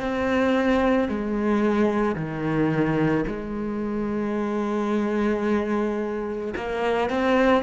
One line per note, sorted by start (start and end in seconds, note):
0.00 1.09 C4
1.09 2.16 G#3
2.16 3.25 D#3
3.27 6.55 G#3
6.57 7.10 A#3
7.10 7.63 C4